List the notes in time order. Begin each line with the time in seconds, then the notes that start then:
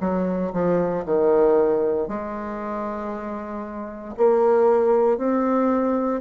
0.00 F#3
0.52 F3
1.05 D#3
2.07 G#3
4.17 A#3
5.17 C4